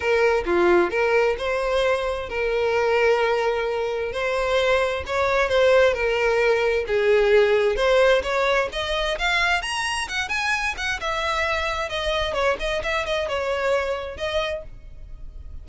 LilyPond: \new Staff \with { instrumentName = "violin" } { \time 4/4 \tempo 4 = 131 ais'4 f'4 ais'4 c''4~ | c''4 ais'2.~ | ais'4 c''2 cis''4 | c''4 ais'2 gis'4~ |
gis'4 c''4 cis''4 dis''4 | f''4 ais''4 fis''8 gis''4 fis''8 | e''2 dis''4 cis''8 dis''8 | e''8 dis''8 cis''2 dis''4 | }